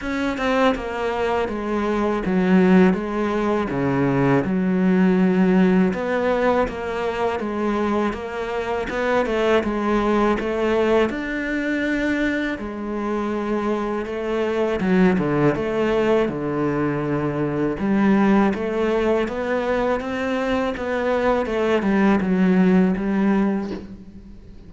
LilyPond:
\new Staff \with { instrumentName = "cello" } { \time 4/4 \tempo 4 = 81 cis'8 c'8 ais4 gis4 fis4 | gis4 cis4 fis2 | b4 ais4 gis4 ais4 | b8 a8 gis4 a4 d'4~ |
d'4 gis2 a4 | fis8 d8 a4 d2 | g4 a4 b4 c'4 | b4 a8 g8 fis4 g4 | }